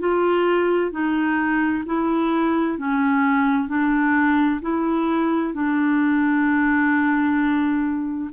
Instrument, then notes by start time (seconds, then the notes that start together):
clarinet
0.00 F4
0.91 D#4
1.86 E4
2.79 C#4
3.68 D4
4.62 E4
5.54 D4